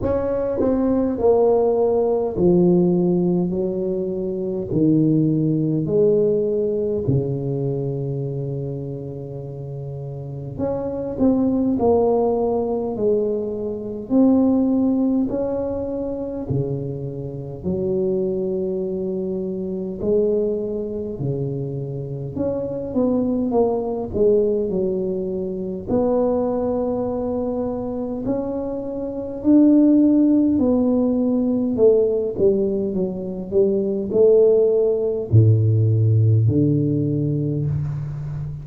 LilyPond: \new Staff \with { instrumentName = "tuba" } { \time 4/4 \tempo 4 = 51 cis'8 c'8 ais4 f4 fis4 | dis4 gis4 cis2~ | cis4 cis'8 c'8 ais4 gis4 | c'4 cis'4 cis4 fis4~ |
fis4 gis4 cis4 cis'8 b8 | ais8 gis8 fis4 b2 | cis'4 d'4 b4 a8 g8 | fis8 g8 a4 a,4 d4 | }